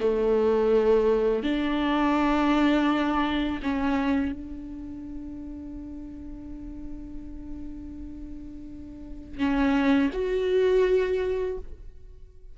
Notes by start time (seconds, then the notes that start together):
0.00 A3
1.43 D4
3.62 C#4
4.32 D4
9.38 C#4
10.13 F#4